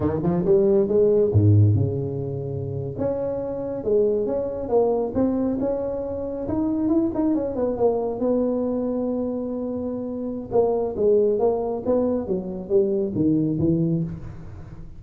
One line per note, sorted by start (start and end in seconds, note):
0.00 0.20 D#3
0.22 0.44 F3
0.45 0.88 G3
0.88 1.31 G#3
1.32 1.74 G#2
1.74 2.95 C#3
2.98 3.84 C#4
3.84 4.26 G#3
4.26 4.69 C#4
4.69 5.12 A#3
5.14 5.58 C4
5.60 6.47 C#4
6.48 6.88 D#4
6.88 7.10 E4
7.14 7.35 D#4
7.35 7.55 C#4
7.55 7.76 B3
7.76 8.19 A#3
8.19 10.49 B3
10.51 10.95 A#3
10.96 11.39 G#3
11.39 11.83 A#3
11.85 12.27 B3
12.27 12.69 F#3
12.69 13.12 G3
13.15 13.59 D#3
13.59 14.03 E3